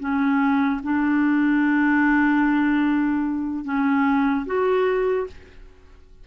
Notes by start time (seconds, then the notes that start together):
0.00 C#4
0.84 D4
3.65 C#4
4.46 F#4